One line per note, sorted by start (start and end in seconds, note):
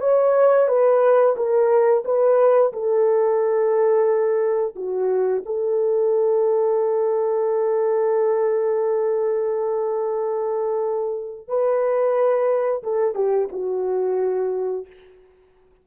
0.00 0.67 C#5
0.68 1.35 B4
1.36 2.03 A#4
2.04 2.72 B4
2.72 4.74 A4
4.75 5.43 F#4
5.45 11.48 A4
11.48 12.82 B4
12.83 13.15 A4
13.15 13.48 G4
13.52 14.87 F#4